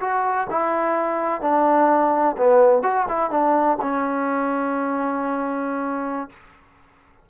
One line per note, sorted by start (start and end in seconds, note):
0.00 0.47 F#4
0.50 1.41 E4
1.41 2.36 D4
2.37 2.82 B3
2.82 3.06 F#4
3.08 3.30 E4
3.30 3.78 D4
3.81 6.29 C#4